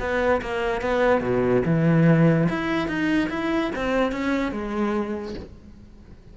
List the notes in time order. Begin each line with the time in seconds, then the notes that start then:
0.00 B3
0.42 A#3
0.82 B3
1.21 B2
1.66 E3
2.49 E4
2.88 D#4
3.30 E4
3.76 C4
4.12 C#4
4.52 G#3